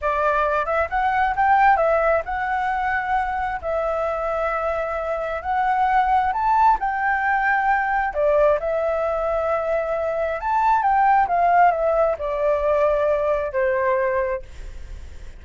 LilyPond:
\new Staff \with { instrumentName = "flute" } { \time 4/4 \tempo 4 = 133 d''4. e''8 fis''4 g''4 | e''4 fis''2. | e''1 | fis''2 a''4 g''4~ |
g''2 d''4 e''4~ | e''2. a''4 | g''4 f''4 e''4 d''4~ | d''2 c''2 | }